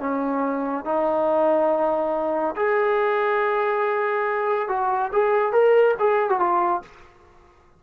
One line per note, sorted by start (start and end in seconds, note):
0.00 0.85 C#4
0.85 2.55 D#4
2.56 4.69 G#4
4.69 5.11 F#4
5.13 5.53 G#4
5.53 5.95 A#4
5.99 6.30 G#4
6.30 6.40 F#4
6.40 6.82 F4